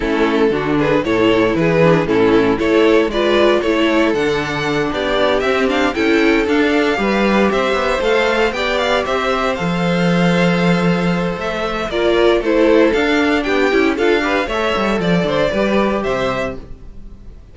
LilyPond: <<
  \new Staff \with { instrumentName = "violin" } { \time 4/4 \tempo 4 = 116 a'4. b'8 cis''4 b'4 | a'4 cis''4 d''4 cis''4 | fis''4. d''4 e''8 f''8 g''8~ | g''8 f''2 e''4 f''8~ |
f''8 g''8 f''8 e''4 f''4.~ | f''2 e''4 d''4 | c''4 f''4 g''4 f''4 | e''4 d''2 e''4 | }
  \new Staff \with { instrumentName = "violin" } { \time 4/4 e'4 fis'8 gis'8 a'4 gis'4 | e'4 a'4 b'4 a'4~ | a'4. g'2 a'8~ | a'4. b'4 c''4.~ |
c''8 d''4 c''2~ c''8~ | c''2. ais'4 | a'2 g'4 a'8 b'8 | cis''4 d''8 c''8 b'4 c''4 | }
  \new Staff \with { instrumentName = "viola" } { \time 4/4 cis'4 d'4 e'4. d'8 | cis'4 e'4 f'4 e'4 | d'2~ d'8 c'8 d'8 e'8~ | e'8 d'4 g'2 a'8~ |
a'8 g'2 a'4.~ | a'2. f'4 | e'4 d'4. e'8 f'8 g'8 | a'2 g'2 | }
  \new Staff \with { instrumentName = "cello" } { \time 4/4 a4 d4 a,4 e4 | a,4 a4 gis4 a4 | d4. b4 c'4 cis'8~ | cis'8 d'4 g4 c'8 b8 a8~ |
a8 b4 c'4 f4.~ | f2 a4 ais4 | a4 d'4 b8 cis'8 d'4 | a8 g8 f8 d8 g4 c4 | }
>>